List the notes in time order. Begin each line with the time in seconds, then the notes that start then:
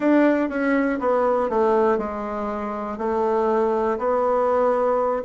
0.00 D4
0.49 C#4
0.99 B3
1.49 A3
1.98 G#3
2.98 A3
3.98 B3